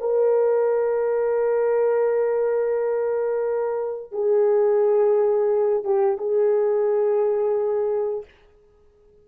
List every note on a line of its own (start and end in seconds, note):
0.00 4.12 A#4
4.12 5.84 G#4
5.84 6.18 G4
6.18 8.24 G#4